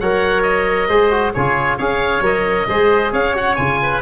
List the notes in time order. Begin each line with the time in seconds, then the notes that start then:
0.00 F#3 A#4 C#5 F#5
0.43 D#5
0.88 G#3 G#4 C5
1.11 F#4
1.33 C#3 F4 G#4 C#5
1.77 C#4 G#4 C#5 F5
2.21 F#3 A#4 D#5
2.68 G#3 G#4 C5
3.12 C#4 C#5 F5
3.34 F#4 F#5
3.55 C#3 F4 G#5
3.82 B4